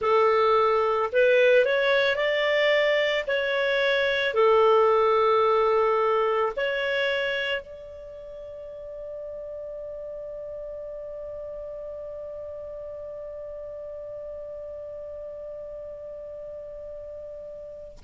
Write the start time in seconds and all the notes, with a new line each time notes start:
0.00 A4
1.12 B4
1.65 C#5
2.15 D5
3.27 C#5
4.33 A4
6.56 C#5
7.61 D5